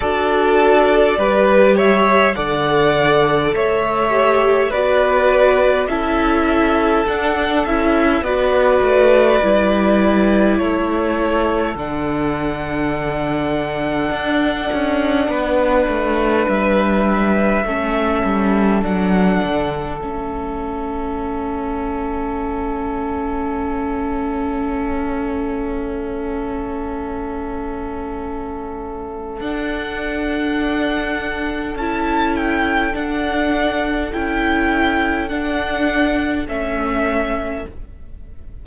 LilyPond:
<<
  \new Staff \with { instrumentName = "violin" } { \time 4/4 \tempo 4 = 51 d''4. e''8 fis''4 e''4 | d''4 e''4 fis''8 e''8 d''4~ | d''4 cis''4 fis''2~ | fis''2 e''2 |
fis''4 e''2.~ | e''1~ | e''4 fis''2 a''8 g''8 | fis''4 g''4 fis''4 e''4 | }
  \new Staff \with { instrumentName = "violin" } { \time 4/4 a'4 b'8 cis''8 d''4 cis''4 | b'4 a'2 b'4~ | b'4 a'2.~ | a'4 b'2 a'4~ |
a'1~ | a'1~ | a'1~ | a'1 | }
  \new Staff \with { instrumentName = "viola" } { \time 4/4 fis'4 g'4 a'4. g'8 | fis'4 e'4 d'8 e'8 fis'4 | e'2 d'2~ | d'2. cis'4 |
d'4 cis'2.~ | cis'1~ | cis'4 d'2 e'4 | d'4 e'4 d'4 cis'4 | }
  \new Staff \with { instrumentName = "cello" } { \time 4/4 d'4 g4 d4 a4 | b4 cis'4 d'8 cis'8 b8 a8 | g4 a4 d2 | d'8 cis'8 b8 a8 g4 a8 g8 |
fis8 d8 a2.~ | a1~ | a4 d'2 cis'4 | d'4 cis'4 d'4 a4 | }
>>